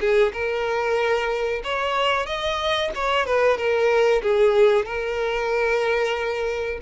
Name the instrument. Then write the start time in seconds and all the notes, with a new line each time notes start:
violin
0.00 G#4
0.33 A#4
1.64 C#5
2.26 D#5
2.95 C#5
3.26 B4
3.57 A#4
4.22 G#4
4.86 A#4